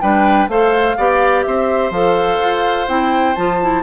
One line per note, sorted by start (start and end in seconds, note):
0.00 0.48 G3
0.00 0.49 D4
0.00 0.50 B4
0.00 0.48 G5
0.48 0.96 A3
0.48 0.97 A4
0.48 0.97 C5
0.48 1.42 F5
0.97 1.46 B3
0.97 1.92 G4
0.97 1.45 D5
1.42 1.90 C4
1.42 3.83 C5
1.42 1.90 E5
1.90 2.38 F3
1.90 2.87 A4
1.90 2.88 F5
2.40 2.88 F4
2.87 3.36 C4
2.87 3.35 E4
2.87 3.35 G5
3.35 3.83 F3
3.35 3.60 F4
3.35 3.83 A5
3.61 3.83 E4